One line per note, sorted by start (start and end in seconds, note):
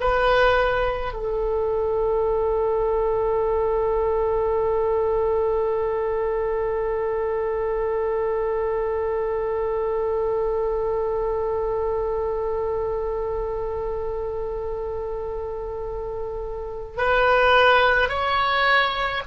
0.00 1.13 B4
1.13 16.98 A4
16.98 18.09 B4
18.09 19.22 C#5